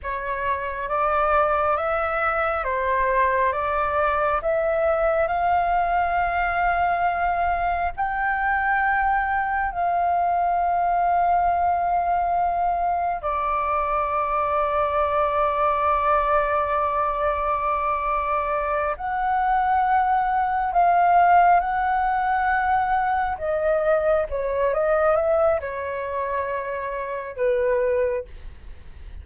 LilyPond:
\new Staff \with { instrumentName = "flute" } { \time 4/4 \tempo 4 = 68 cis''4 d''4 e''4 c''4 | d''4 e''4 f''2~ | f''4 g''2 f''4~ | f''2. d''4~ |
d''1~ | d''4. fis''2 f''8~ | f''8 fis''2 dis''4 cis''8 | dis''8 e''8 cis''2 b'4 | }